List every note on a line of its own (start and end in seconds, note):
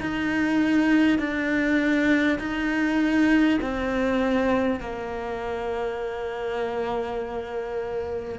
0.00 1.19 D#4
1.19 2.39 D4
2.39 3.59 D#4
3.62 4.81 C4
4.81 8.39 A#3